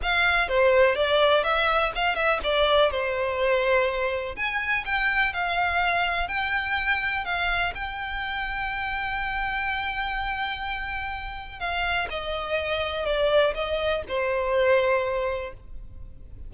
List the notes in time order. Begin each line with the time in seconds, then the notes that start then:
0.02 F5
0.48 C5
0.95 D5
1.43 E5
1.95 F5
2.15 E5
2.43 D5
2.90 C5
4.35 G#5
4.85 G5
5.33 F5
6.28 G5
7.24 F5
7.75 G5
11.59 F5
12.09 D#5
13.05 D5
13.54 D#5
14.08 C5